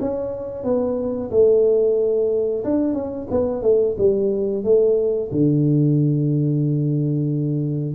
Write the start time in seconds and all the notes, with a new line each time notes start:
0.00 C#4
0.63 B3
1.30 A3
2.64 D4
2.94 C#4
3.30 B3
3.62 A3
3.98 G3
4.63 A3
5.31 D3